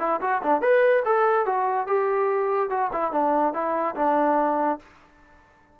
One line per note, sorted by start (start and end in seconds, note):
0.00 0.21 E4
0.21 0.42 F#4
0.43 0.62 D4
0.62 1.04 B4
1.05 1.46 A4
1.46 1.87 F#4
1.87 2.70 G4
2.70 2.91 F#4
2.93 3.12 E4
3.12 3.54 D4
3.54 3.96 E4
3.96 4.79 D4